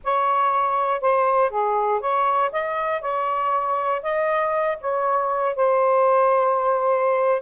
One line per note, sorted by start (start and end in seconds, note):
0.04 1.01 C#5
1.01 1.50 C5
1.50 2.00 G#4
2.00 2.50 C#5
2.52 3.01 D#5
3.01 4.02 C#5
4.02 4.78 D#5
4.80 5.55 C#5
5.55 7.41 C5